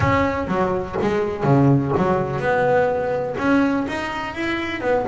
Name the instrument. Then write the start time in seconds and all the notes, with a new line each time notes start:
double bass
0.00 C#4
0.47 F#3
1.01 G#3
1.43 C#3
1.97 F#3
2.39 B3
3.38 C#4
3.88 D#4
4.34 E4
4.81 B3